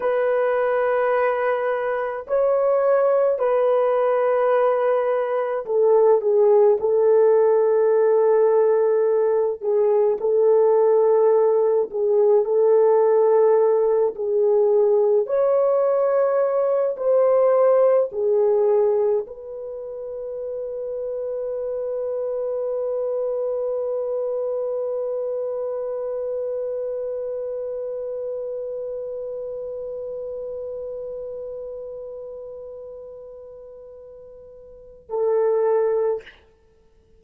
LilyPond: \new Staff \with { instrumentName = "horn" } { \time 4/4 \tempo 4 = 53 b'2 cis''4 b'4~ | b'4 a'8 gis'8 a'2~ | a'8 gis'8 a'4. gis'8 a'4~ | a'8 gis'4 cis''4. c''4 |
gis'4 b'2.~ | b'1~ | b'1~ | b'2. a'4 | }